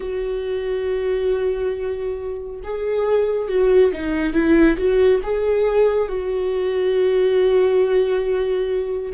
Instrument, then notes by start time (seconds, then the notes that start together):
viola
0.00 F#4
2.63 G#4
3.48 F#4
3.92 D#4
4.33 E4
4.77 F#4
5.23 G#4
6.08 F#4